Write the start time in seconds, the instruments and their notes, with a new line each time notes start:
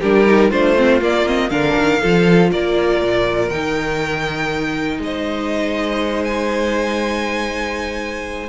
0.00 cello G3, viola D4, violin G4 A#4
0.26 viola D#4
0.50 cello A3, viola D4, violin F4 C5
0.76 viola C4
1.00 viola A#3, cello A#3, violin D5
1.26 viola C4, violin D#5
1.50 cello D3, viola D4, violin A#4 F5
1.76 cello D#3
2.00 cello F3, viola F4, violin A4
2.51 cello A#3, violin A#4 D5
3.02 cello A#2
3.49 cello D#3, viola D#4, violin G5
4.98 cello G#3, violin D#5
5.04 violin C5
6.24 violin G#5